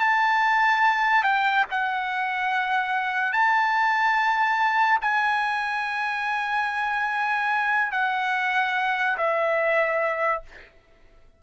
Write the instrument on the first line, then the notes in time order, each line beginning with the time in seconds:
trumpet
0.00 A5
1.24 G5
1.71 F#5
3.33 A5
5.02 G#5
7.92 F#5
9.18 E5